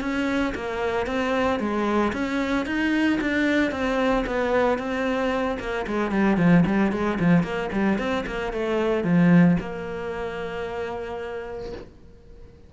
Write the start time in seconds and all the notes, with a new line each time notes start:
0.00 C#4
0.54 A#3
1.06 C4
1.59 G#3
2.13 C#4
2.65 D#4
3.21 D4
3.71 C4
4.26 B3
4.78 C4
5.59 A#3
5.86 G#3
6.11 G3
6.37 F3
6.66 G3
6.91 G#3
7.19 F3
7.43 A#3
7.72 G3
7.98 C4
8.26 A#3
8.52 A3
9.04 F3
9.59 A#3